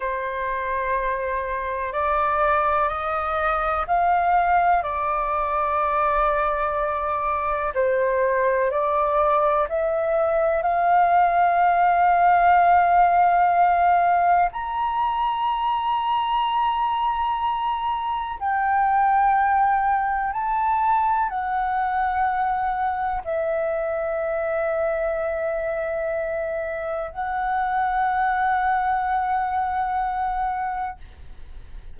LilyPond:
\new Staff \with { instrumentName = "flute" } { \time 4/4 \tempo 4 = 62 c''2 d''4 dis''4 | f''4 d''2. | c''4 d''4 e''4 f''4~ | f''2. ais''4~ |
ais''2. g''4~ | g''4 a''4 fis''2 | e''1 | fis''1 | }